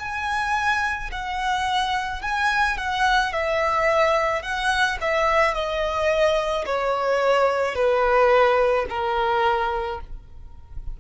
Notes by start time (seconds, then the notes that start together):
0.00 G#5
1.12 F#5
2.22 G#5
2.78 F#5
3.33 E5
4.43 F#5
5.02 E5
5.55 D#5
6.66 C#5
7.75 B4
8.90 A#4